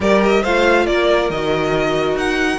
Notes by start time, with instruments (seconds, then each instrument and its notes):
0.00 cello G3, viola G4, violin A#4 D5
0.23 violin D#5
0.42 cello A3, viola F4, violin C5 F5
0.86 cello A#3, violin A#4 D5
1.29 cello D#3, viola F#4, violin D#5
2.15 cello D#4, violin F#5